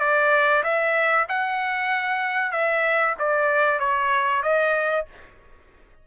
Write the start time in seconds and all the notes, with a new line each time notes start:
0.00 D5
0.64 E5
1.29 F#5
2.52 E5
3.19 D5
3.80 C#5
4.43 D#5